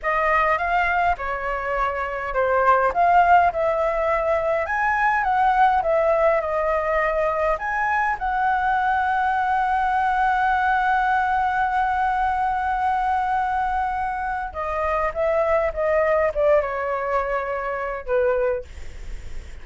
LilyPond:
\new Staff \with { instrumentName = "flute" } { \time 4/4 \tempo 4 = 103 dis''4 f''4 cis''2 | c''4 f''4 e''2 | gis''4 fis''4 e''4 dis''4~ | dis''4 gis''4 fis''2~ |
fis''1~ | fis''1~ | fis''4 dis''4 e''4 dis''4 | d''8 cis''2~ cis''8 b'4 | }